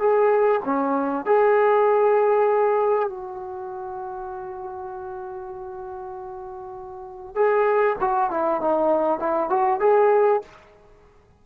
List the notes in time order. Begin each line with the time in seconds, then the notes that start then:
0.00 G#4
0.65 C#4
1.26 G#4
3.09 F#4
7.36 G#4
8.01 F#4
8.31 E4
8.61 D#4
9.19 E4
9.50 F#4
9.80 G#4